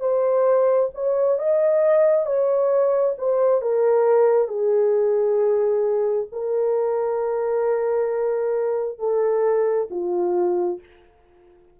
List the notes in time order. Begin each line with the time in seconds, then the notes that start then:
0.00 C5
0.94 C#5
1.38 D#5
2.26 C#5
3.18 C5
3.61 A#4
4.48 G#4
6.32 A#4
8.99 A4
9.90 F4